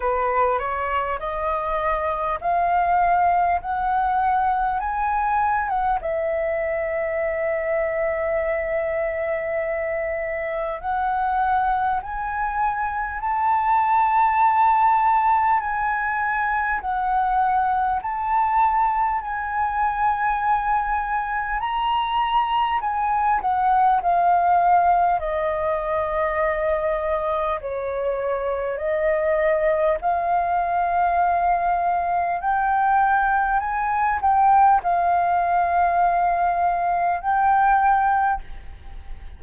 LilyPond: \new Staff \with { instrumentName = "flute" } { \time 4/4 \tempo 4 = 50 b'8 cis''8 dis''4 f''4 fis''4 | gis''8. fis''16 e''2.~ | e''4 fis''4 gis''4 a''4~ | a''4 gis''4 fis''4 a''4 |
gis''2 ais''4 gis''8 fis''8 | f''4 dis''2 cis''4 | dis''4 f''2 g''4 | gis''8 g''8 f''2 g''4 | }